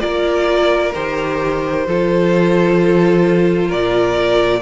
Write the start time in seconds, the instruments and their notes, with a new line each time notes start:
0.00 cello A#3, viola F4, violin A#4 D5
0.94 cello D#3, viola G4, violin C5
1.87 cello F3, viola F4, violin A4
3.68 cello A#2, violin A#4 D5